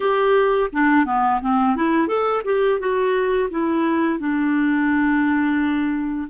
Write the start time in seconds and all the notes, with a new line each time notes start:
0.00 G4
0.72 D4
1.05 B3
1.41 C4
1.75 E4
2.07 A4
2.44 G4
2.79 F#4
3.50 E4
4.19 D4